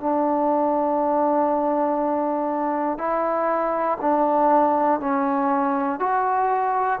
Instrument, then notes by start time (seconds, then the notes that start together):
trombone
0.00 D4
2.98 E4
4.01 D4
5.00 C#4
5.99 F#4